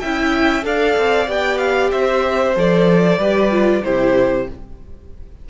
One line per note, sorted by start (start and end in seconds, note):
0.00 0.64 C#4
0.00 0.62 E4
0.00 0.65 E5
0.00 0.64 G5
0.62 0.96 D4
0.62 1.26 A4
0.62 1.91 D5
0.62 1.30 F5
0.97 1.28 C4
1.27 1.91 B3
1.27 2.54 G4
1.27 1.58 G5
1.58 1.90 F5
1.91 2.56 C4
1.91 3.19 C5
1.91 2.55 E5
2.55 3.17 F3
2.55 3.19 A4
2.55 3.84 D5
3.17 3.81 G3
3.17 3.51 G4
3.17 3.83 B4
3.51 3.83 F4
3.84 4.50 C3
3.84 4.48 E4
3.84 4.49 G4
3.84 4.48 C5